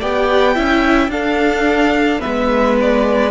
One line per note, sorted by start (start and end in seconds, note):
0.00 0.57 B3
0.00 0.55 G4
0.00 0.55 D5
0.00 1.11 G5
0.55 1.09 C#4
0.55 1.11 E4
0.55 1.10 E5
1.09 2.20 D4
1.09 2.21 A4
1.09 2.21 F5
2.20 3.31 G#3
2.20 3.31 B3
2.20 3.31 B4
2.20 2.77 E5
2.81 3.31 D5